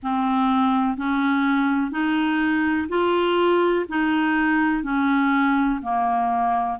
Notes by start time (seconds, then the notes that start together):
0.02 C4
0.97 C#4
1.91 D#4
2.89 F4
3.88 D#4
4.83 C#4
5.82 A#3